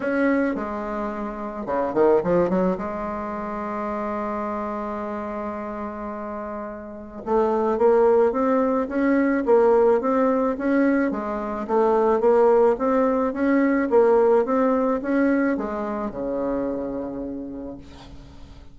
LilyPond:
\new Staff \with { instrumentName = "bassoon" } { \time 4/4 \tempo 4 = 108 cis'4 gis2 cis8 dis8 | f8 fis8 gis2.~ | gis1~ | gis4 a4 ais4 c'4 |
cis'4 ais4 c'4 cis'4 | gis4 a4 ais4 c'4 | cis'4 ais4 c'4 cis'4 | gis4 cis2. | }